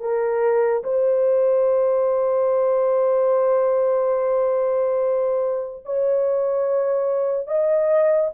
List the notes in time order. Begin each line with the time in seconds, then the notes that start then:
0.00 A#4
0.84 C5
5.85 C#5
7.47 D#5